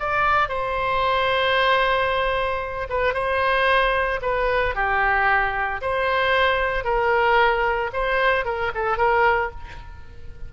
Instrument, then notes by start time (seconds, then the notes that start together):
oboe
0.00 D5
0.49 C5
2.90 B4
3.14 C5
4.22 B4
4.75 G4
5.82 C5
6.85 A#4
7.94 C5
8.45 A#4
8.75 A4
8.98 A#4